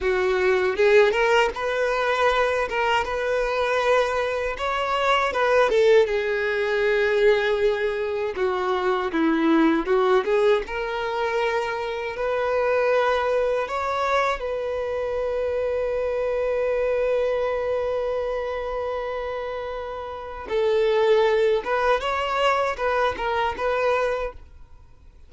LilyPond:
\new Staff \with { instrumentName = "violin" } { \time 4/4 \tempo 4 = 79 fis'4 gis'8 ais'8 b'4. ais'8 | b'2 cis''4 b'8 a'8 | gis'2. fis'4 | e'4 fis'8 gis'8 ais'2 |
b'2 cis''4 b'4~ | b'1~ | b'2. a'4~ | a'8 b'8 cis''4 b'8 ais'8 b'4 | }